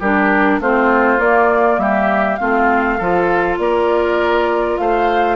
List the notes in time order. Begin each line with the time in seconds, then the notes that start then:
0.00 G3 D4 G4 A#4
0.60 A3 C4 F4 C5
1.18 A#3 D5
1.78 G3 G4 E5
2.37 A3 C4 F4 F5
2.98 F3 F4 A4
3.58 A#3 A#4 D5
4.78 A3 C5 F5